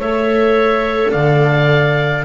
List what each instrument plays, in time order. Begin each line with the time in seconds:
0.00 double bass A3, viola A4, clarinet C#5, oboe E5
1.12 double bass D3, clarinet D5, oboe F5